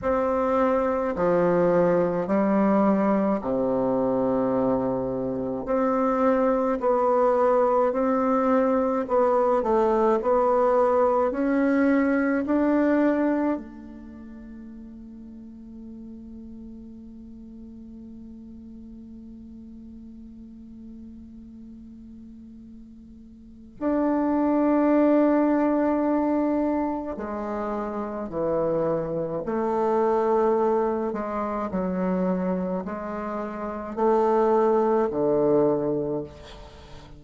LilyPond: \new Staff \with { instrumentName = "bassoon" } { \time 4/4 \tempo 4 = 53 c'4 f4 g4 c4~ | c4 c'4 b4 c'4 | b8 a8 b4 cis'4 d'4 | a1~ |
a1~ | a4 d'2. | gis4 e4 a4. gis8 | fis4 gis4 a4 d4 | }